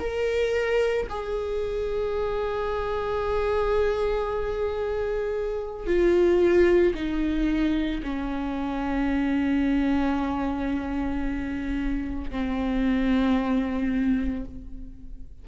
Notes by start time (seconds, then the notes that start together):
0.00 A#4
1.10 G#4
5.86 F4
6.94 D#4
8.03 C#4
12.31 C4